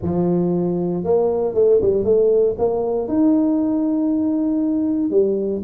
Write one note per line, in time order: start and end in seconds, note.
0.02 1.03 F3
1.03 1.54 A#3
1.54 1.79 A3
1.81 2.04 G3
2.04 2.55 A3
2.58 3.08 A#3
3.08 5.10 D#4
5.10 5.62 G3